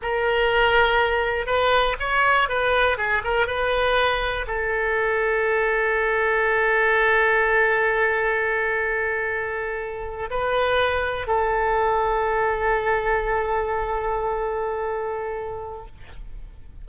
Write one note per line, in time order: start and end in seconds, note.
0.02 1.46 A#4
1.46 1.96 B4
1.99 2.48 C#5
2.48 2.97 B4
2.97 3.22 G#4
3.23 3.47 A#4
3.47 4.46 B4
4.47 10.29 A4
10.30 11.27 B4
11.27 15.86 A4